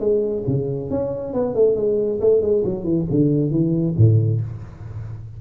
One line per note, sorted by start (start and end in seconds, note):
0.00 0.44 G#3
0.47 0.91 C#3
0.91 1.34 C#4
1.34 1.55 B3
1.55 1.76 A3
1.76 2.20 G#3
2.21 2.42 A3
2.42 2.64 G#3
2.65 2.84 F#3
2.84 3.06 E3
3.10 3.51 D3
3.51 3.95 E3
3.98 4.41 A2